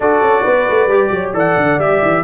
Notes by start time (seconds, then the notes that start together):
0.00 D4 F#4 A4 D5
0.21 C#4
0.42 B3 B4
0.69 A3
0.87 G3 G4
1.11 F#3 C#5
1.33 E3 A4 D5 F#5
1.56 D3
1.78 G3 G4 E5
2.01 E3